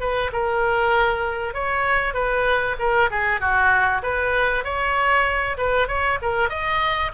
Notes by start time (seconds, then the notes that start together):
0.00 B4
0.32 A#4
1.54 C#5
2.14 B4
2.79 A#4
3.10 G#4
3.40 F#4
4.02 B4
4.64 C#5
5.57 B4
5.88 C#5
6.21 A#4
6.49 D#5